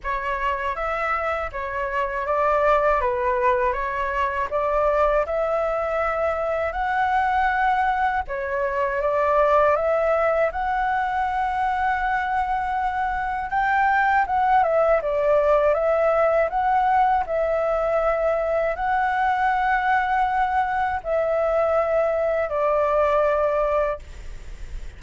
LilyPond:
\new Staff \with { instrumentName = "flute" } { \time 4/4 \tempo 4 = 80 cis''4 e''4 cis''4 d''4 | b'4 cis''4 d''4 e''4~ | e''4 fis''2 cis''4 | d''4 e''4 fis''2~ |
fis''2 g''4 fis''8 e''8 | d''4 e''4 fis''4 e''4~ | e''4 fis''2. | e''2 d''2 | }